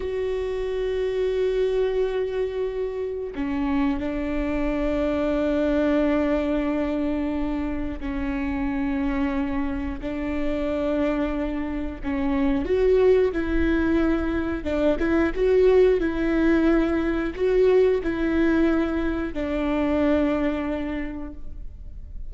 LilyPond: \new Staff \with { instrumentName = "viola" } { \time 4/4 \tempo 4 = 90 fis'1~ | fis'4 cis'4 d'2~ | d'1 | cis'2. d'4~ |
d'2 cis'4 fis'4 | e'2 d'8 e'8 fis'4 | e'2 fis'4 e'4~ | e'4 d'2. | }